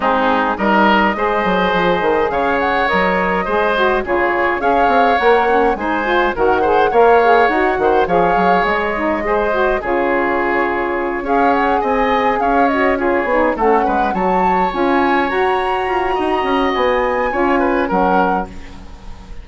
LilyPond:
<<
  \new Staff \with { instrumentName = "flute" } { \time 4/4 \tempo 4 = 104 gis'4 dis''2. | f''8 fis''8 dis''2 cis''4 | f''4 fis''4 gis''4 fis''4 | f''4 fis''4 f''4 dis''4~ |
dis''4 cis''2~ cis''8 f''8 | fis''8 gis''4 f''8 dis''8 cis''4 fis''8~ | fis''8 a''4 gis''4 ais''4.~ | ais''4 gis''2 fis''4 | }
  \new Staff \with { instrumentName = "oboe" } { \time 4/4 dis'4 ais'4 c''2 | cis''2 c''4 gis'4 | cis''2 c''4 ais'8 c''8 | cis''4. c''8 cis''2 |
c''4 gis'2~ gis'8 cis''8~ | cis''8 dis''4 cis''4 gis'4 a'8 | b'8 cis''2.~ cis''8 | dis''2 cis''8 b'8 ais'4 | }
  \new Staff \with { instrumentName = "saxophone" } { \time 4/4 c'4 dis'4 gis'2~ | gis'4 ais'4 gis'8 fis'8 f'4 | gis'4 ais'8 cis'8 dis'8 f'8 fis'8 gis'8 | ais'8 gis'8 fis'4 gis'4. dis'8 |
gis'8 fis'8 f'2~ f'8 gis'8~ | gis'2 fis'8 f'8 dis'8 cis'8~ | cis'8 fis'4 f'4 fis'4.~ | fis'2 f'4 cis'4 | }
  \new Staff \with { instrumentName = "bassoon" } { \time 4/4 gis4 g4 gis8 fis8 f8 dis8 | cis4 fis4 gis4 cis4 | cis'8 c'8 ais4 gis4 dis4 | ais4 dis'8 dis8 f8 fis8 gis4~ |
gis4 cis2~ cis8 cis'8~ | cis'8 c'4 cis'4. b8 a8 | gis8 fis4 cis'4 fis'4 f'8 | dis'8 cis'8 b4 cis'4 fis4 | }
>>